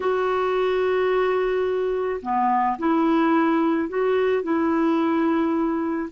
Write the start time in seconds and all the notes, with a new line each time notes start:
0.00 F#4
2.21 B3
2.78 E4
3.88 F#4
4.42 E4